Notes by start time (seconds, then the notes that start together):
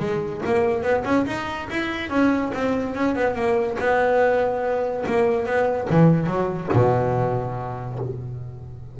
0.00 G#3
0.46 A#3
0.83 B3
1.05 C#4
1.27 D#4
1.71 E4
2.10 C#4
2.54 C4
2.95 C#4
3.16 B3
3.35 A#3
3.79 B3
5.07 A#3
5.46 B3
5.91 E3
6.27 F#3
6.73 B2